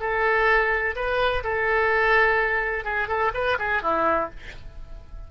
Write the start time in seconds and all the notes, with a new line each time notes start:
0.00 A4
0.96 B4
1.44 A4
2.84 G#4
3.08 A4
3.34 B4
3.59 G#4
3.82 E4